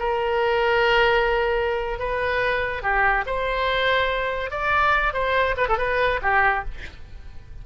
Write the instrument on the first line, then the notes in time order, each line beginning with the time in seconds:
oboe
0.00 A#4
1.99 B4
2.83 G4
3.27 C5
4.51 D5
5.14 C5
5.57 B4
5.69 A4
5.78 B4
6.23 G4